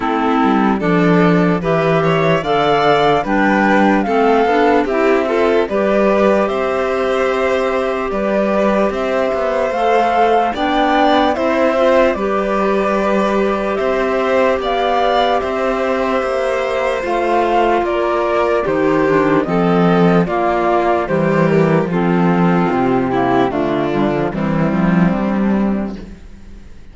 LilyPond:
<<
  \new Staff \with { instrumentName = "flute" } { \time 4/4 \tempo 4 = 74 a'4 d''4 e''4 f''4 | g''4 f''4 e''4 d''4 | e''2 d''4 e''4 | f''4 g''4 e''4 d''4~ |
d''4 e''4 f''4 e''4~ | e''4 f''4 d''4 c''4 | dis''4 d''4 c''8 ais'8 a'4 | g'4 f'4 e'4 d'4 | }
  \new Staff \with { instrumentName = "violin" } { \time 4/4 e'4 a'4 b'8 cis''8 d''4 | b'4 a'4 g'8 a'8 b'4 | c''2 b'4 c''4~ | c''4 d''4 c''4 b'4~ |
b'4 c''4 d''4 c''4~ | c''2 ais'4 g'4 | a'4 f'4 g'4 f'4~ | f'8 e'8 d'4 c'2 | }
  \new Staff \with { instrumentName = "clarinet" } { \time 4/4 c'4 d'4 g'4 a'4 | d'4 c'8 d'8 e'8 f'8 g'4~ | g'1 | a'4 d'4 e'8 f'8 g'4~ |
g'1~ | g'4 f'2 dis'8 d'8 | c'4 ais4 g4 c'4~ | c'8 ais8 a8 g16 f16 g2 | }
  \new Staff \with { instrumentName = "cello" } { \time 4/4 a8 g8 f4 e4 d4 | g4 a8 b8 c'4 g4 | c'2 g4 c'8 b8 | a4 b4 c'4 g4~ |
g4 c'4 b4 c'4 | ais4 a4 ais4 dis4 | f4 ais4 e4 f4 | c4 d4 e8 f8 g4 | }
>>